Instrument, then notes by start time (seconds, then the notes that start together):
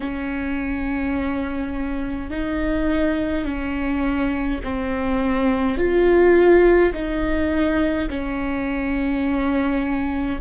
viola
0.00 C#4
2.30 D#4
3.45 C#4
4.63 C4
5.77 F4
6.93 D#4
8.09 C#4